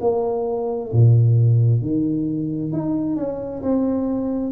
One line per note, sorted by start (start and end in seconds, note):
0.00 0.91 A#3
0.92 1.81 A#2
1.81 2.72 D#3
2.72 3.16 D#4
3.16 3.62 C#4
3.62 4.52 C4